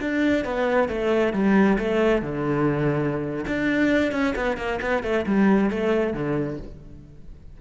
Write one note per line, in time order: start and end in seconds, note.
0.00 0.44 D4
0.44 0.88 B3
0.88 1.32 A3
1.32 1.77 G3
1.78 2.21 A3
2.21 3.44 D3
3.47 4.12 D4
4.12 4.34 C#4
4.36 4.57 B3
4.57 4.79 A#3
4.81 5.03 B3
5.03 5.25 A3
5.26 5.70 G3
5.70 6.13 A3
6.13 6.58 D3